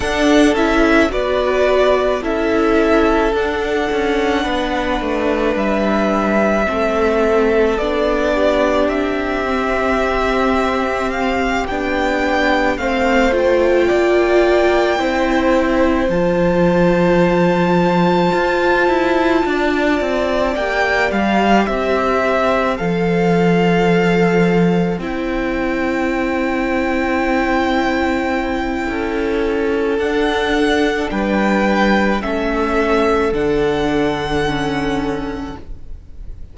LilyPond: <<
  \new Staff \with { instrumentName = "violin" } { \time 4/4 \tempo 4 = 54 fis''8 e''8 d''4 e''4 fis''4~ | fis''4 e''2 d''4 | e''2 f''8 g''4 f''8 | g''2~ g''8 a''4.~ |
a''2~ a''8 g''8 f''8 e''8~ | e''8 f''2 g''4.~ | g''2. fis''4 | g''4 e''4 fis''2 | }
  \new Staff \with { instrumentName = "violin" } { \time 4/4 a'4 b'4 a'2 | b'2 a'4. g'8~ | g'2.~ g'8 c''8~ | c''8 d''4 c''2~ c''8~ |
c''4. d''2 c''8~ | c''1~ | c''2 a'2 | b'4 a'2. | }
  \new Staff \with { instrumentName = "viola" } { \time 4/4 d'8 e'8 fis'4 e'4 d'4~ | d'2 c'4 d'4~ | d'8 c'2 d'4 c'8 | f'4. e'4 f'4.~ |
f'2~ f'8 g'4.~ | g'8 a'2 e'4.~ | e'2. d'4~ | d'4 cis'4 d'4 cis'4 | }
  \new Staff \with { instrumentName = "cello" } { \time 4/4 d'8 cis'8 b4 cis'4 d'8 cis'8 | b8 a8 g4 a4 b4 | c'2~ c'8 b4 a8~ | a8 ais4 c'4 f4.~ |
f8 f'8 e'8 d'8 c'8 ais8 g8 c'8~ | c'8 f2 c'4.~ | c'2 cis'4 d'4 | g4 a4 d2 | }
>>